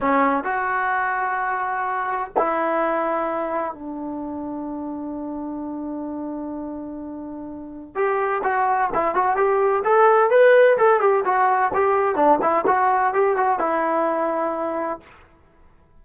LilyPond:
\new Staff \with { instrumentName = "trombone" } { \time 4/4 \tempo 4 = 128 cis'4 fis'2.~ | fis'4 e'2. | d'1~ | d'1~ |
d'4 g'4 fis'4 e'8 fis'8 | g'4 a'4 b'4 a'8 g'8 | fis'4 g'4 d'8 e'8 fis'4 | g'8 fis'8 e'2. | }